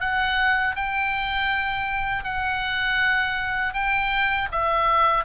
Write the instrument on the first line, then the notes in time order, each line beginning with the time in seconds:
oboe
0.00 F#5
0.75 G5
2.24 F#5
3.73 G5
4.51 E5